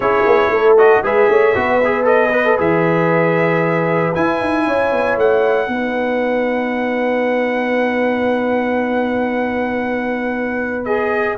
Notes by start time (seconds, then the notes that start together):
0.00 C#4 E4 G#4 C#5
0.26 B3
0.49 A3 A4
0.77 F#4 D#5
1.02 G#3 G#4 B4 E5
1.28 A3 C#5
1.55 B3 F#4 B4
1.84 G#4
2.03 A4 D#5
2.33 B4
2.44 A4
2.57 E3 G#4 E5
4.14 E4 G#5
4.41 D#4
4.66 C#4 C#5
4.92 B3
5.16 A3 F#5
5.67 B3 D#4 B4
10.85 G#4 D#5